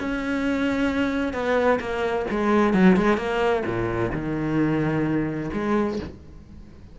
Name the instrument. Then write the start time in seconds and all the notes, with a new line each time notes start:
cello
0.00 C#4
1.33 B3
1.80 A#3
2.31 G#3
2.74 F#3
2.97 G#3
3.17 A#3
3.66 A#2
4.13 D#3
5.53 G#3